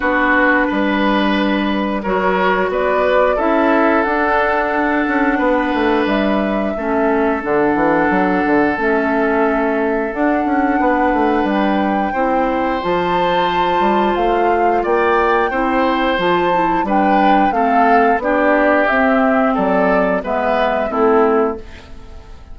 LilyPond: <<
  \new Staff \with { instrumentName = "flute" } { \time 4/4 \tempo 4 = 89 b'2. cis''4 | d''4 e''4 fis''2~ | fis''4 e''2 fis''4~ | fis''4 e''2 fis''4~ |
fis''4 g''2 a''4~ | a''4 f''4 g''2 | a''4 g''4 f''4 d''4 | e''4 d''4 e''4 a'4 | }
  \new Staff \with { instrumentName = "oboe" } { \time 4/4 fis'4 b'2 ais'4 | b'4 a'2. | b'2 a'2~ | a'1 |
b'2 c''2~ | c''2 d''4 c''4~ | c''4 b'4 a'4 g'4~ | g'4 a'4 b'4 e'4 | }
  \new Staff \with { instrumentName = "clarinet" } { \time 4/4 d'2. fis'4~ | fis'4 e'4 d'2~ | d'2 cis'4 d'4~ | d'4 cis'2 d'4~ |
d'2 e'4 f'4~ | f'2. e'4 | f'8 e'8 d'4 c'4 d'4 | c'2 b4 c'4 | }
  \new Staff \with { instrumentName = "bassoon" } { \time 4/4 b4 g2 fis4 | b4 cis'4 d'4. cis'8 | b8 a8 g4 a4 d8 e8 | fis8 d8 a2 d'8 cis'8 |
b8 a8 g4 c'4 f4~ | f8 g8 a4 ais4 c'4 | f4 g4 a4 b4 | c'4 fis4 gis4 a4 | }
>>